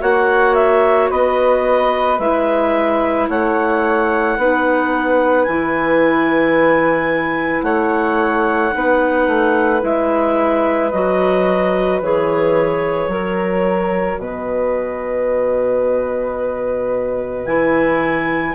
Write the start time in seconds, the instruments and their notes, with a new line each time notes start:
0.00 bassoon A#3, clarinet F#4 F#5, flute C#5
0.55 clarinet E5
1.10 bassoon B3, flute B4, clarinet D#5
2.19 bassoon G#3, clarinet E4 E5
3.29 bassoon A3, flute C#5, clarinet F#5
4.37 bassoon B3, clarinet D#4, flute B4
5.44 bassoon E3, clarinet E4 G#5
7.62 bassoon A3, flute C#5, clarinet F#5
8.72 bassoon B3, clarinet D#4, flute B4
9.27 bassoon A3
9.80 bassoon G#3, clarinet E4 E5
10.91 bassoon F#3, clarinet F#4 D#5
12.02 bassoon E3, clarinet G#4 C#5
13.07 bassoon F#3, clarinet F#4, flute A#4
14.18 bassoon B2, flute B4, clarinet D#5
17.45 bassoon E3, clarinet E4 G#5